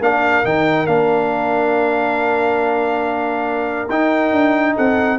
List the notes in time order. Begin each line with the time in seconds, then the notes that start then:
0.00 A#3 D4 A#4 F5
0.44 D#3 D#4 G5
0.87 A#3 D4 F5
3.89 D#4 G5
4.32 D4
4.75 C4 A4 F#5